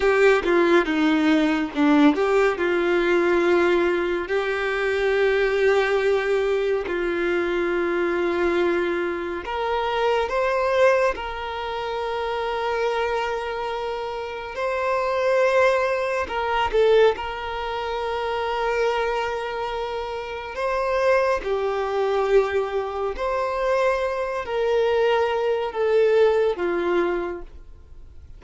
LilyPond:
\new Staff \with { instrumentName = "violin" } { \time 4/4 \tempo 4 = 70 g'8 f'8 dis'4 d'8 g'8 f'4~ | f'4 g'2. | f'2. ais'4 | c''4 ais'2.~ |
ais'4 c''2 ais'8 a'8 | ais'1 | c''4 g'2 c''4~ | c''8 ais'4. a'4 f'4 | }